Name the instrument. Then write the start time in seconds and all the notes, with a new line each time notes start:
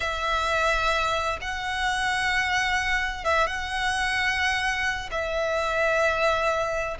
violin
0.00 E5
1.41 F#5
3.24 E5
3.47 F#5
5.11 E5